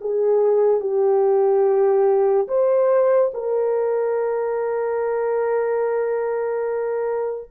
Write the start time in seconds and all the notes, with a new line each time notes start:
0.00 G#4
0.80 G4
2.47 C5
3.33 A#4